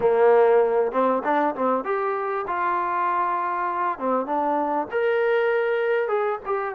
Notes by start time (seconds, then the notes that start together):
0.00 A#3
0.92 C4
1.24 D4
1.55 C4
1.84 G4
2.47 F4
3.99 C4
4.26 D4
4.91 A#4
6.08 G#4
6.45 G4